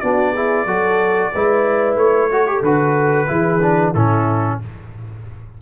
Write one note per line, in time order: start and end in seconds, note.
0.00 0.65 B3
0.00 0.35 D4
0.00 0.32 F#4
0.00 1.96 D5
0.32 0.67 E4
0.32 0.65 G#4
0.65 1.31 F#3
0.65 1.32 F#4
0.65 1.31 A4
1.33 1.95 G#3
1.33 2.31 E4
1.33 2.31 B4
1.95 2.61 A3
1.95 2.62 C#5
2.31 2.47 F#4
2.31 3.28 A4
2.47 2.63 G4
2.61 3.27 D3
2.61 3.27 F#4
2.61 3.94 B4
3.27 3.94 E3
3.27 3.60 E4
3.27 3.93 G#4
3.62 3.95 D4
3.93 4.60 A2
3.93 4.61 C#4
3.93 4.58 E4
3.93 4.59 A4